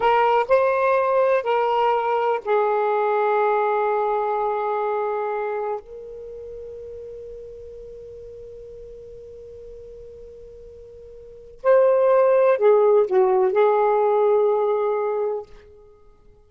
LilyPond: \new Staff \with { instrumentName = "saxophone" } { \time 4/4 \tempo 4 = 124 ais'4 c''2 ais'4~ | ais'4 gis'2.~ | gis'1 | ais'1~ |
ais'1~ | ais'1 | c''2 gis'4 fis'4 | gis'1 | }